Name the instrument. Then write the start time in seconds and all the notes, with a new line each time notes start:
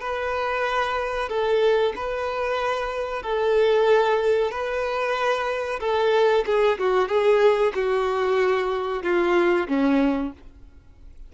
violin
0.00 B4
1.29 A4
1.95 B4
3.23 A4
4.51 B4
5.80 A4
6.45 G#4
6.79 F#4
7.08 G#4
7.74 F#4
9.03 F4
9.68 C#4